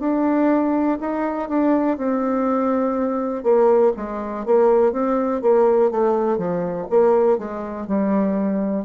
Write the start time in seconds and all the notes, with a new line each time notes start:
0.00 D4
1.01 D#4
1.49 D4
1.98 C4
3.43 A#3
3.97 G#3
4.46 A#3
4.93 C4
5.42 A#3
5.92 A3
6.38 F3
6.90 A#3
7.39 G#3
7.88 G3